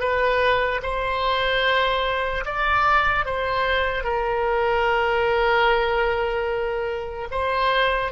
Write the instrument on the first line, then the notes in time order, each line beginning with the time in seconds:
oboe
0.00 B4
0.83 C5
2.46 D5
3.26 C5
4.04 A#4
7.32 C5